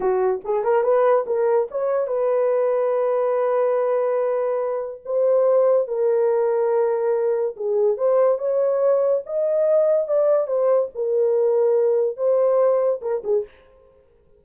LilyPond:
\new Staff \with { instrumentName = "horn" } { \time 4/4 \tempo 4 = 143 fis'4 gis'8 ais'8 b'4 ais'4 | cis''4 b'2.~ | b'1 | c''2 ais'2~ |
ais'2 gis'4 c''4 | cis''2 dis''2 | d''4 c''4 ais'2~ | ais'4 c''2 ais'8 gis'8 | }